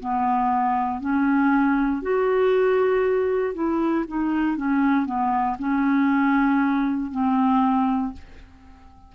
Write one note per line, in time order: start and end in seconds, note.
0.00 1.01 B3
1.01 2.02 C#4
2.02 3.55 F#4
3.55 4.05 E4
4.08 4.57 D#4
4.57 5.06 C#4
5.06 5.57 B3
5.59 7.11 C#4
7.11 8.13 C4